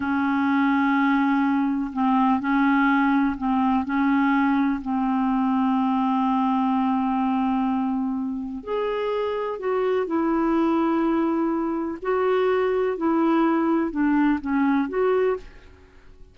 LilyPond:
\new Staff \with { instrumentName = "clarinet" } { \time 4/4 \tempo 4 = 125 cis'1 | c'4 cis'2 c'4 | cis'2 c'2~ | c'1~ |
c'2 gis'2 | fis'4 e'2.~ | e'4 fis'2 e'4~ | e'4 d'4 cis'4 fis'4 | }